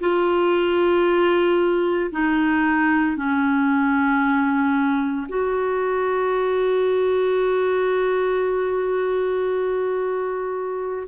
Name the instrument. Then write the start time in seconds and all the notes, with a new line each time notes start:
clarinet
0.00 F4
2.11 D#4
3.17 C#4
5.28 F#4